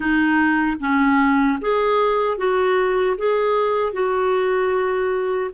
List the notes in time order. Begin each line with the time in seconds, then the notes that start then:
0.00 D#4
0.79 C#4
1.61 G#4
2.37 F#4
3.17 G#4
3.93 F#4